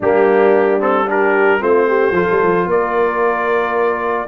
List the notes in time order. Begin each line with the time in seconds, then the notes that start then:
0.00 G3 A#3 D4 G4
0.79 C4 A4
1.06 D4 G4 A#4
1.59 A3 C4 F4 C5
1.87 G4
2.11 F3 F4 A4
2.31 G3
2.42 F3
2.66 A#3 A#4 D5